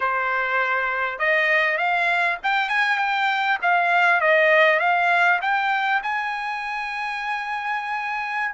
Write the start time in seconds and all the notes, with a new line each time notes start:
0.00 C5
1.18 D#5
1.77 F5
2.43 G5
2.69 G#5
2.98 G5
3.62 F5
4.20 D#5
4.79 F5
5.41 G5
6.02 G#5